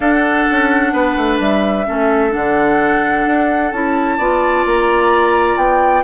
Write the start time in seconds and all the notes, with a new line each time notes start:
0.00 D4 A4 F#5
0.50 C#4
0.92 B3 B4
1.16 A3
1.39 G3 E5
1.86 A3 C#4 A4
2.29 D3 D4 F#5
3.26 D4
3.71 C#4 E4 A5
4.17 B3 F4 D5
4.65 A#3 A#5
5.56 B3 G5